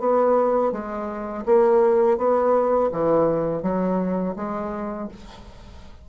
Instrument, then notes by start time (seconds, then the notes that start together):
bassoon
0.00 B3
0.72 G#3
1.46 A#3
2.18 B3
2.92 E3
3.63 F#3
4.36 G#3